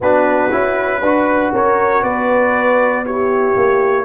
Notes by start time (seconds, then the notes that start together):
0.00 B3 D4 F#4 B4
0.51 C#4 E4
0.99 D4 F#4 B4
1.53 C#4 A#4 C#5
2.02 B3 B4 D5
3.05 E4 G4 C#5
3.56 A#3